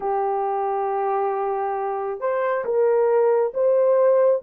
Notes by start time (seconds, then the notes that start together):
0.00 G4
2.20 C5
2.64 A#4
3.53 C5